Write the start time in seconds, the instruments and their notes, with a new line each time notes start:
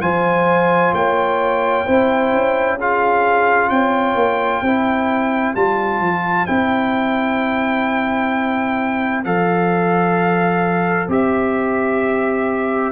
0.00 tuba F3, trombone F4, horn C5, trumpet G#5
0.93 tuba A#3, horn C#5, trumpet G5
1.85 tuba C4, trombone E4, horn C5
2.32 tuba C#4
2.77 trombone F4, horn G#4, trumpet F5
3.70 tuba C4, horn C#5, trumpet G5
4.15 tuba A#3
4.62 tuba C4, trombone E4, horn C5
5.55 tuba G3, trombone F4, trumpet A5
6.00 tuba F3
6.46 tuba C4, trombone E4, trumpet G5
9.24 tuba F3, trombone A4, trumpet F5
11.08 tuba C4, trombone G4, trumpet E5